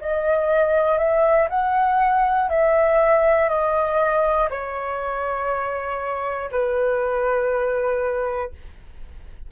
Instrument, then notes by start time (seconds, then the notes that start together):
flute
0.00 D#5
0.98 E5
1.49 F#5
2.49 E5
3.49 D#5
4.50 C#5
6.51 B4